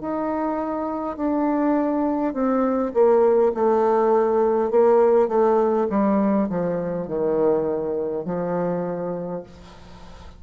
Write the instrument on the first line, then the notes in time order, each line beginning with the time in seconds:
bassoon
0.00 D#4
1.16 D4
2.33 C4
2.94 A#3
3.53 A3
4.70 A#3
5.28 A3
5.89 G3
6.49 F3
7.07 D#3
8.25 F3